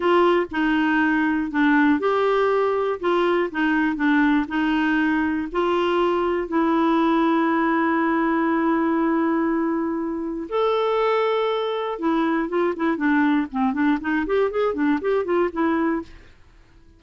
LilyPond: \new Staff \with { instrumentName = "clarinet" } { \time 4/4 \tempo 4 = 120 f'4 dis'2 d'4 | g'2 f'4 dis'4 | d'4 dis'2 f'4~ | f'4 e'2.~ |
e'1~ | e'4 a'2. | e'4 f'8 e'8 d'4 c'8 d'8 | dis'8 g'8 gis'8 d'8 g'8 f'8 e'4 | }